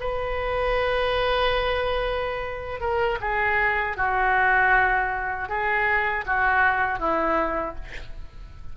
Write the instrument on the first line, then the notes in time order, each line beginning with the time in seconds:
oboe
0.00 B4
2.81 A#4
3.21 G#4
3.97 F#4
5.49 G#4
6.26 F#4
6.99 E4